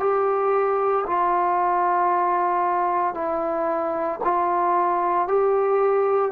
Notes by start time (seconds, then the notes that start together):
0.00 G4
1.07 F4
3.14 E4
4.24 F4
5.28 G4